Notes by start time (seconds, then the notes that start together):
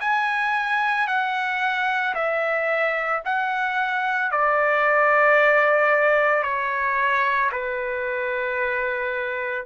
0.00 G#5
1.07 F#5
2.15 E5
3.25 F#5
4.31 D5
6.43 C#5
7.51 B4